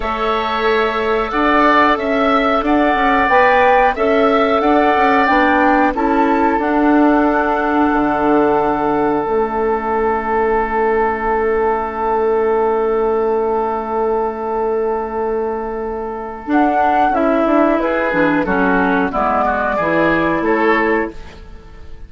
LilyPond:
<<
  \new Staff \with { instrumentName = "flute" } { \time 4/4 \tempo 4 = 91 e''2 fis''4 e''4 | fis''4 g''4 e''4 fis''4 | g''4 a''4 fis''2~ | fis''2 e''2~ |
e''1~ | e''1~ | e''4 fis''4 e''4 b'4 | a'4 d''2 cis''4 | }
  \new Staff \with { instrumentName = "oboe" } { \time 4/4 cis''2 d''4 e''4 | d''2 e''4 d''4~ | d''4 a'2.~ | a'1~ |
a'1~ | a'1~ | a'2. gis'4 | fis'4 e'8 fis'8 gis'4 a'4 | }
  \new Staff \with { instrumentName = "clarinet" } { \time 4/4 a'1~ | a'4 b'4 a'2 | d'4 e'4 d'2~ | d'2 cis'2~ |
cis'1~ | cis'1~ | cis'4 d'4 e'4. d'8 | cis'4 b4 e'2 | }
  \new Staff \with { instrumentName = "bassoon" } { \time 4/4 a2 d'4 cis'4 | d'8 cis'8 b4 cis'4 d'8 cis'8 | b4 cis'4 d'2 | d2 a2~ |
a1~ | a1~ | a4 d'4 cis'8 d'8 e'8 e8 | fis4 gis4 e4 a4 | }
>>